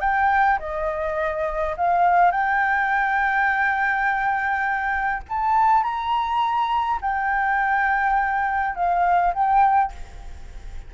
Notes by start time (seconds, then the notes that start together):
0.00 G5
0.59 D#5
1.77 F5
2.31 G5
5.29 A5
5.83 A#5
7.01 G5
8.75 F5
9.34 G5